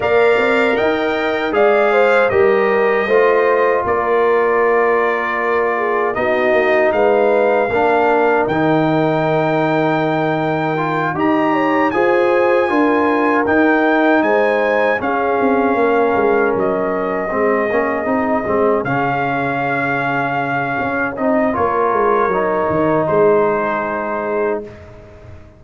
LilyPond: <<
  \new Staff \with { instrumentName = "trumpet" } { \time 4/4 \tempo 4 = 78 f''4 g''4 f''4 dis''4~ | dis''4 d''2. | dis''4 f''2 g''4~ | g''2~ g''8 ais''4 gis''8~ |
gis''4. g''4 gis''4 f''8~ | f''4. dis''2~ dis''8~ | dis''8 f''2. dis''8 | cis''2 c''2 | }
  \new Staff \with { instrumentName = "horn" } { \time 4/4 d''4 dis''4 d''8 c''8 ais'4 | c''4 ais'2~ ais'8 gis'8 | fis'4 b'4 ais'2~ | ais'2~ ais'8 dis''8 cis''8 c''8~ |
c''8 ais'2 c''4 gis'8~ | gis'8 ais'2 gis'4.~ | gis'1 | ais'2 gis'2 | }
  \new Staff \with { instrumentName = "trombone" } { \time 4/4 ais'2 gis'4 g'4 | f'1 | dis'2 d'4 dis'4~ | dis'2 f'8 g'4 gis'8~ |
gis'8 f'4 dis'2 cis'8~ | cis'2~ cis'8 c'8 cis'8 dis'8 | c'8 cis'2. dis'8 | f'4 dis'2. | }
  \new Staff \with { instrumentName = "tuba" } { \time 4/4 ais8 c'8 dis'4 gis4 g4 | a4 ais2. | b8 ais8 gis4 ais4 dis4~ | dis2~ dis8 dis'4 f'8~ |
f'8 d'4 dis'4 gis4 cis'8 | c'8 ais8 gis8 fis4 gis8 ais8 c'8 | gis8 cis2~ cis8 cis'8 c'8 | ais8 gis8 fis8 dis8 gis2 | }
>>